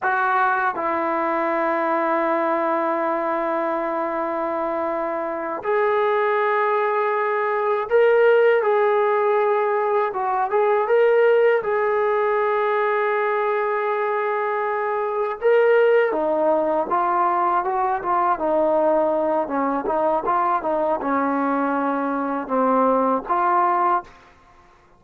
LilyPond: \new Staff \with { instrumentName = "trombone" } { \time 4/4 \tempo 4 = 80 fis'4 e'2.~ | e'2.~ e'8 gis'8~ | gis'2~ gis'8 ais'4 gis'8~ | gis'4. fis'8 gis'8 ais'4 gis'8~ |
gis'1~ | gis'8 ais'4 dis'4 f'4 fis'8 | f'8 dis'4. cis'8 dis'8 f'8 dis'8 | cis'2 c'4 f'4 | }